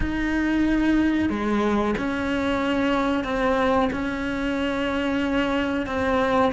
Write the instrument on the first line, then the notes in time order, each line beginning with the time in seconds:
cello
0.00 D#4
1.29 G#3
1.97 C#4
3.24 C4
3.92 C#4
5.86 C4